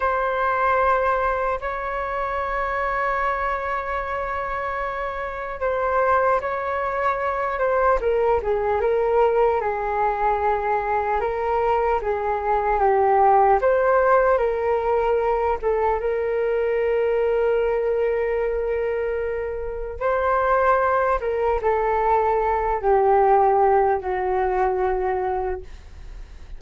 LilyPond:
\new Staff \with { instrumentName = "flute" } { \time 4/4 \tempo 4 = 75 c''2 cis''2~ | cis''2. c''4 | cis''4. c''8 ais'8 gis'8 ais'4 | gis'2 ais'4 gis'4 |
g'4 c''4 ais'4. a'8 | ais'1~ | ais'4 c''4. ais'8 a'4~ | a'8 g'4. fis'2 | }